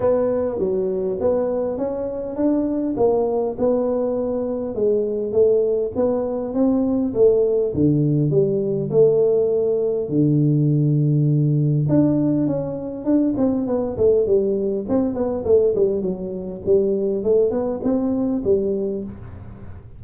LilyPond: \new Staff \with { instrumentName = "tuba" } { \time 4/4 \tempo 4 = 101 b4 fis4 b4 cis'4 | d'4 ais4 b2 | gis4 a4 b4 c'4 | a4 d4 g4 a4~ |
a4 d2. | d'4 cis'4 d'8 c'8 b8 a8 | g4 c'8 b8 a8 g8 fis4 | g4 a8 b8 c'4 g4 | }